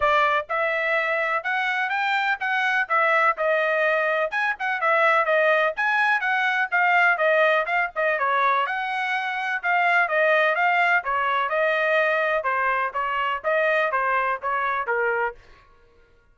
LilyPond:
\new Staff \with { instrumentName = "trumpet" } { \time 4/4 \tempo 4 = 125 d''4 e''2 fis''4 | g''4 fis''4 e''4 dis''4~ | dis''4 gis''8 fis''8 e''4 dis''4 | gis''4 fis''4 f''4 dis''4 |
f''8 dis''8 cis''4 fis''2 | f''4 dis''4 f''4 cis''4 | dis''2 c''4 cis''4 | dis''4 c''4 cis''4 ais'4 | }